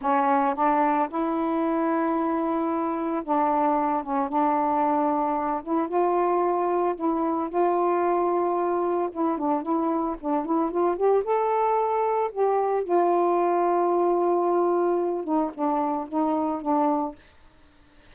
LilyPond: \new Staff \with { instrumentName = "saxophone" } { \time 4/4 \tempo 4 = 112 cis'4 d'4 e'2~ | e'2 d'4. cis'8 | d'2~ d'8 e'8 f'4~ | f'4 e'4 f'2~ |
f'4 e'8 d'8 e'4 d'8 e'8 | f'8 g'8 a'2 g'4 | f'1~ | f'8 dis'8 d'4 dis'4 d'4 | }